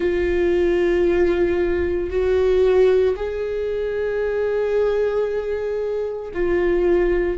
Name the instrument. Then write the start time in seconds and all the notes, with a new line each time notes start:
viola
0.00 F4
2.10 F#4
3.16 G#4
6.34 F4